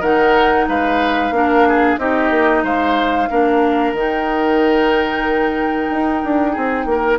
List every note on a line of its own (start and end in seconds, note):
0.00 0.67 D#3
0.00 1.34 D#4
0.00 0.65 A#4
0.00 0.68 F#5
0.68 1.31 G#3
0.68 1.34 B4
0.68 1.99 F5
1.31 1.96 A#3
1.31 1.99 D4
1.37 1.68 A#4
1.68 2.00 G#4
1.98 2.30 C4
1.98 3.29 D#4
1.98 2.64 G4
1.98 2.64 D#5
2.30 2.63 A#3
2.63 3.28 G#3
2.63 3.29 C5
2.63 3.94 F5
3.30 3.93 A#3
3.30 3.95 D4
3.30 6.52 A#4
3.93 5.88 D#3
3.93 7.19 D#4
3.93 7.19 G5
5.90 6.23 D#4
6.24 6.57 D4
6.52 6.85 C4
6.52 6.85 G#4
6.85 7.18 A#3
6.85 7.19 A#4